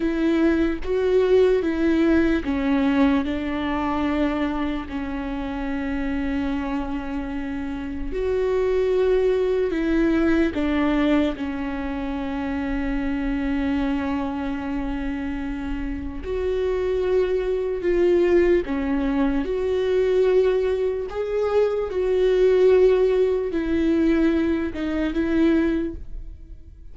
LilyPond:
\new Staff \with { instrumentName = "viola" } { \time 4/4 \tempo 4 = 74 e'4 fis'4 e'4 cis'4 | d'2 cis'2~ | cis'2 fis'2 | e'4 d'4 cis'2~ |
cis'1 | fis'2 f'4 cis'4 | fis'2 gis'4 fis'4~ | fis'4 e'4. dis'8 e'4 | }